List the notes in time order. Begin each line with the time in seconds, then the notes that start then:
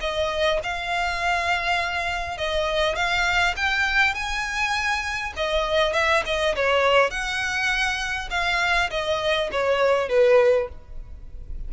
0.00 D#5
0.63 F5
2.37 D#5
2.95 F5
3.56 G5
4.14 G#5
5.36 D#5
5.93 E5
6.25 D#5
6.55 C#5
7.10 F#5
8.30 F5
8.90 D#5
9.51 C#5
10.09 B4